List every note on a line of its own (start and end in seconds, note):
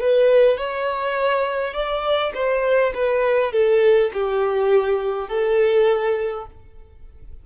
0.00 0.58 B4
0.58 1.74 C#5
1.74 2.33 D5
2.35 2.94 C5
2.95 3.52 B4
3.52 4.11 A4
4.14 5.29 G4
5.29 6.47 A4